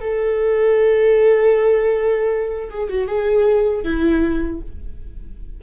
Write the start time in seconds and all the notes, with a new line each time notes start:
0.00 A4
2.70 G#4
2.88 F#4
3.07 G#4
3.84 E4